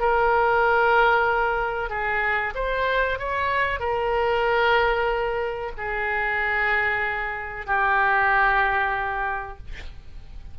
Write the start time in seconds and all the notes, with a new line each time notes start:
0.00 A#4
1.90 G#4
2.55 C5
3.19 C#5
3.80 A#4
5.78 G#4
7.67 G4